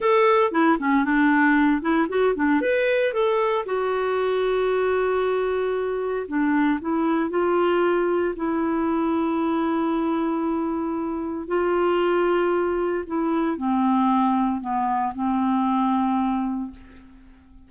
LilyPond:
\new Staff \with { instrumentName = "clarinet" } { \time 4/4 \tempo 4 = 115 a'4 e'8 cis'8 d'4. e'8 | fis'8 d'8 b'4 a'4 fis'4~ | fis'1 | d'4 e'4 f'2 |
e'1~ | e'2 f'2~ | f'4 e'4 c'2 | b4 c'2. | }